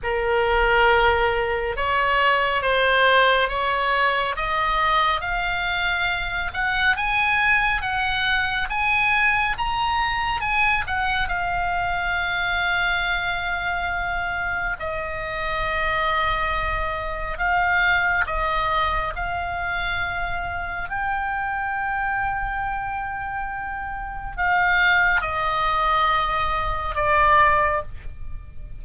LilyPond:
\new Staff \with { instrumentName = "oboe" } { \time 4/4 \tempo 4 = 69 ais'2 cis''4 c''4 | cis''4 dis''4 f''4. fis''8 | gis''4 fis''4 gis''4 ais''4 | gis''8 fis''8 f''2.~ |
f''4 dis''2. | f''4 dis''4 f''2 | g''1 | f''4 dis''2 d''4 | }